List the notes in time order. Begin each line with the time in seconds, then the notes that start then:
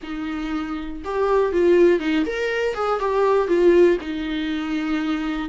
0.02 D#4
1.04 G4
1.52 F4
1.99 D#4
2.25 A#4
2.74 G#4
2.99 G4
3.47 F4
4.00 D#4